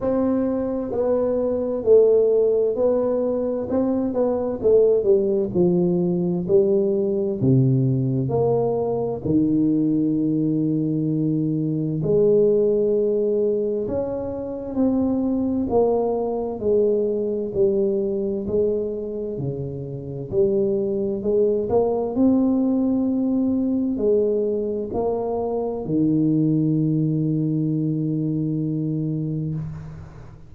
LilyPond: \new Staff \with { instrumentName = "tuba" } { \time 4/4 \tempo 4 = 65 c'4 b4 a4 b4 | c'8 b8 a8 g8 f4 g4 | c4 ais4 dis2~ | dis4 gis2 cis'4 |
c'4 ais4 gis4 g4 | gis4 cis4 g4 gis8 ais8 | c'2 gis4 ais4 | dis1 | }